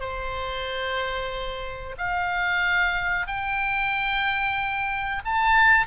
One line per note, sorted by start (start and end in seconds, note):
0.00 1.96 C5
1.97 3.27 F5
3.27 5.23 G5
5.25 5.86 A5